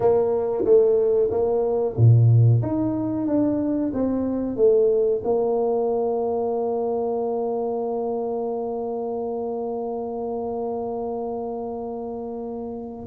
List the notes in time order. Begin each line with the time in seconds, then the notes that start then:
0.00 A#3
0.65 A3
1.30 A#3
1.97 A#2
2.62 D#4
3.27 D4
3.93 C4
4.56 A3
5.24 A#3